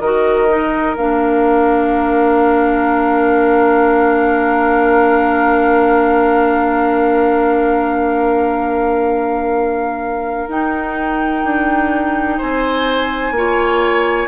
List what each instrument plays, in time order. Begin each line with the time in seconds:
0.00 bassoon D#3, clarinet F#4, oboe A#4, flute D#5
0.49 clarinet D#4
0.96 bassoon A#3, clarinet D4, flute F5
10.48 bassoon D#4, clarinet D#4, flute G5
11.44 bassoon D4
12.38 bassoon C4, oboe C5, flute G#5
13.31 bassoon A#3, clarinet F4
13.37 oboe C#5